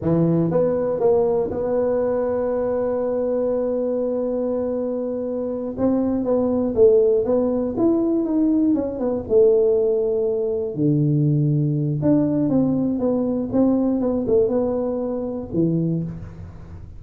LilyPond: \new Staff \with { instrumentName = "tuba" } { \time 4/4 \tempo 4 = 120 e4 b4 ais4 b4~ | b1~ | b2.~ b8 c'8~ | c'8 b4 a4 b4 e'8~ |
e'8 dis'4 cis'8 b8 a4.~ | a4. d2~ d8 | d'4 c'4 b4 c'4 | b8 a8 b2 e4 | }